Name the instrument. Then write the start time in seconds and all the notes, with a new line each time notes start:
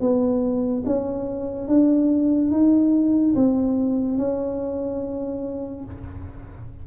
tuba
0.00 B3
0.86 C#4
1.68 D4
2.51 D#4
3.35 C4
4.18 C#4